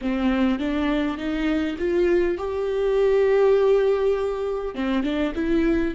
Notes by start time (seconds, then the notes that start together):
0.01 C4
0.59 D4
1.17 D#4
1.78 F4
2.37 G4
4.74 C4
5.03 D4
5.35 E4